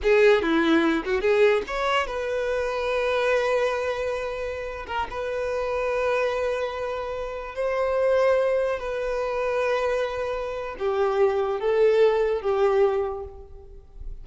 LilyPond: \new Staff \with { instrumentName = "violin" } { \time 4/4 \tempo 4 = 145 gis'4 e'4. fis'8 gis'4 | cis''4 b'2.~ | b'2.~ b'8. ais'16~ | ais'16 b'2.~ b'8.~ |
b'2~ b'16 c''4.~ c''16~ | c''4~ c''16 b'2~ b'8.~ | b'2 g'2 | a'2 g'2 | }